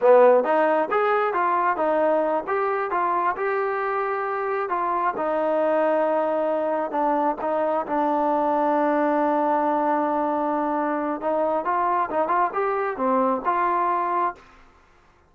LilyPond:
\new Staff \with { instrumentName = "trombone" } { \time 4/4 \tempo 4 = 134 b4 dis'4 gis'4 f'4 | dis'4. g'4 f'4 g'8~ | g'2~ g'8 f'4 dis'8~ | dis'2.~ dis'8 d'8~ |
d'8 dis'4 d'2~ d'8~ | d'1~ | d'4 dis'4 f'4 dis'8 f'8 | g'4 c'4 f'2 | }